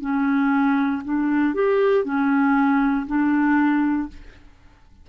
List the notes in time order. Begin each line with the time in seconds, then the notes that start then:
0.00 C#4
1.04 D4
1.54 G4
2.04 C#4
3.06 D4